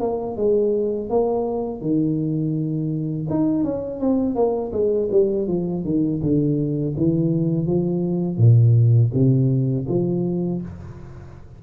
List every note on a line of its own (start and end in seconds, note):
0.00 0.36 A#3
0.36 1.09 G#3
1.09 1.81 A#3
1.81 3.27 D#3
3.30 3.64 D#4
3.64 4.00 C#4
4.00 4.35 C4
4.35 4.71 A#3
4.72 5.09 G#3
5.11 5.47 G3
5.47 5.84 F3
5.84 6.21 D#3
6.22 6.95 D3
6.97 7.66 E3
7.66 8.37 F3
8.37 9.10 A#2
9.13 9.86 C3
9.88 10.62 F3